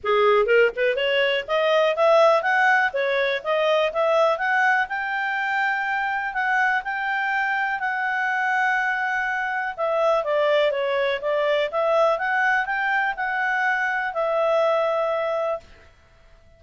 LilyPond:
\new Staff \with { instrumentName = "clarinet" } { \time 4/4 \tempo 4 = 123 gis'4 ais'8 b'8 cis''4 dis''4 | e''4 fis''4 cis''4 dis''4 | e''4 fis''4 g''2~ | g''4 fis''4 g''2 |
fis''1 | e''4 d''4 cis''4 d''4 | e''4 fis''4 g''4 fis''4~ | fis''4 e''2. | }